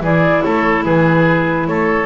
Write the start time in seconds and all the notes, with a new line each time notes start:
0.00 E3 E4 G#4 D5
0.42 A3 A4 C#5
0.84 E3 G#4 B4
1.67 A3 A4 C#5